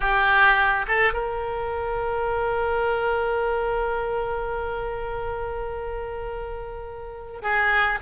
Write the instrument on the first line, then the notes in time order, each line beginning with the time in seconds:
oboe
0.00 G4
0.87 A4
1.13 A#4
7.42 G#4